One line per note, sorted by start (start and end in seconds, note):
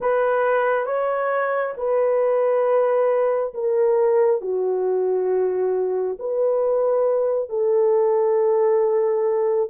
0.00 0.85 B4
0.85 1.74 C#5
1.77 3.53 B4
3.53 4.41 A#4
4.41 6.17 F#4
6.19 7.49 B4
7.49 9.69 A4